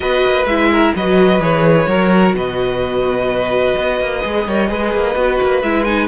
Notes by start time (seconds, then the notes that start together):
0.00 B3 F#4 B4 D#5
0.26 A#3
0.45 G#3 E4 E5
0.71 A#4
0.95 F#3 F#4 B4 D#5
1.39 E3 G#4 C#5
1.87 F#3 F#4 A#4
2.33 B2 B4 D#5
3.76 B3
4.00 A#3
4.21 G#3 G#4
4.47 G3 A#4 C#5
4.68 G#3 G#4 B4
4.93 A#3
5.15 B3 F#4
5.42 A#3
5.62 G#3 E4 E5
5.84 D#4 G#5